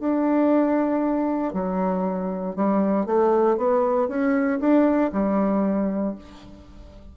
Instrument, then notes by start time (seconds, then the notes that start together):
bassoon
0.00 D4
1.54 F#3
2.56 G3
3.07 A3
3.58 B3
4.09 C#4
4.60 D4
5.13 G3